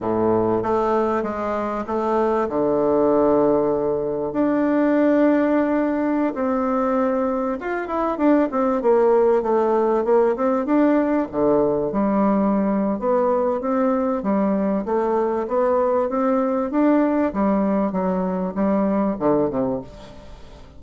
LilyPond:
\new Staff \with { instrumentName = "bassoon" } { \time 4/4 \tempo 4 = 97 a,4 a4 gis4 a4 | d2. d'4~ | d'2~ d'16 c'4.~ c'16~ | c'16 f'8 e'8 d'8 c'8 ais4 a8.~ |
a16 ais8 c'8 d'4 d4 g8.~ | g4 b4 c'4 g4 | a4 b4 c'4 d'4 | g4 fis4 g4 d8 c8 | }